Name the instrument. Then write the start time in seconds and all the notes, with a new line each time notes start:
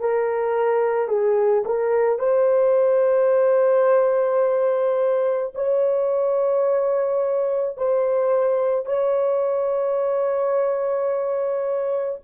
horn
0.00 A#4
1.08 G#4
1.65 A#4
2.19 C5
5.55 C#5
7.77 C5
8.85 C#5